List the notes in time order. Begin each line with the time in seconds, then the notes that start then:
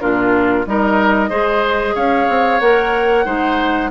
0.00 A#2 D4 F4 A#4
0.66 G3 D#4 A#4 D#5
1.30 G#3 G#4 C5
1.95 C#4 C#5 F5
2.29 C4
2.60 A#3 A#4 F#5
3.26 G#3 D#4 C5